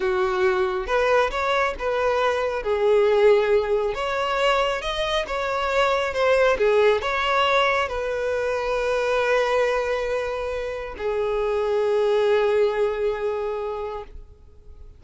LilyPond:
\new Staff \with { instrumentName = "violin" } { \time 4/4 \tempo 4 = 137 fis'2 b'4 cis''4 | b'2 gis'2~ | gis'4 cis''2 dis''4 | cis''2 c''4 gis'4 |
cis''2 b'2~ | b'1~ | b'4 gis'2.~ | gis'1 | }